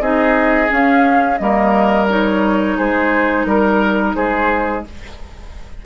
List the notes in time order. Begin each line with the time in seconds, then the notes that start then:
0.00 C4 D#4 G#4 D#5
0.68 C#4 F5
1.37 G3 A#3 A#4 D#5
2.08 D#4 C#5
2.77 G#3 G#4 C5
3.45 G3 A#4
4.15 G#3 G#4 C5